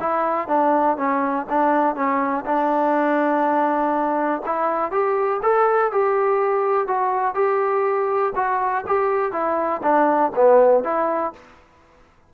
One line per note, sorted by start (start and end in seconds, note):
0.00 0.48 E4
0.48 0.97 D4
0.97 1.46 C#4
1.49 1.95 D4
1.95 2.45 C#4
2.45 4.42 D4
4.46 4.91 E4
4.91 5.41 G4
5.42 5.92 A4
5.92 6.87 G4
6.87 7.34 F#4
7.34 8.33 G4
8.35 8.85 F#4
8.87 9.32 G4
9.32 9.81 E4
9.82 10.32 D4
10.35 10.84 B3
10.84 11.33 E4